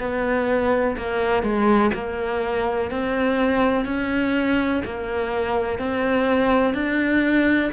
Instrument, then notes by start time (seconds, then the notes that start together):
cello
0.00 B3
0.98 A#3
1.43 G#3
1.94 A#3
2.91 C4
3.86 C#4
4.85 A#3
5.79 C4
6.74 D4